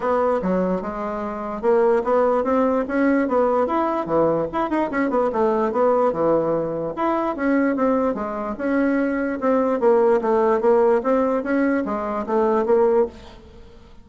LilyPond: \new Staff \with { instrumentName = "bassoon" } { \time 4/4 \tempo 4 = 147 b4 fis4 gis2 | ais4 b4 c'4 cis'4 | b4 e'4 e4 e'8 dis'8 | cis'8 b8 a4 b4 e4~ |
e4 e'4 cis'4 c'4 | gis4 cis'2 c'4 | ais4 a4 ais4 c'4 | cis'4 gis4 a4 ais4 | }